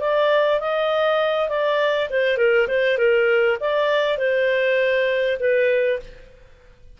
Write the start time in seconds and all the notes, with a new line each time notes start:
0.00 D5
0.60 D#5
1.49 D5
2.09 C5
2.37 A#4
2.68 C5
2.98 A#4
3.60 D5
4.18 C5
5.39 B4